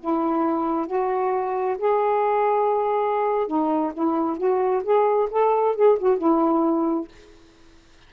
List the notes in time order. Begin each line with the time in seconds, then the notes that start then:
0.00 E4
0.87 F#4
1.78 G#4
3.47 D#4
3.94 E4
4.38 F#4
4.84 G#4
5.31 A4
5.76 G#4
5.99 F#4
6.18 E4